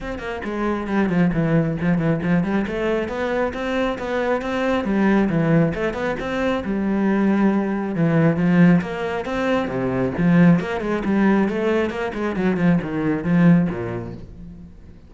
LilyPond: \new Staff \with { instrumentName = "cello" } { \time 4/4 \tempo 4 = 136 c'8 ais8 gis4 g8 f8 e4 | f8 e8 f8 g8 a4 b4 | c'4 b4 c'4 g4 | e4 a8 b8 c'4 g4~ |
g2 e4 f4 | ais4 c'4 c4 f4 | ais8 gis8 g4 a4 ais8 gis8 | fis8 f8 dis4 f4 ais,4 | }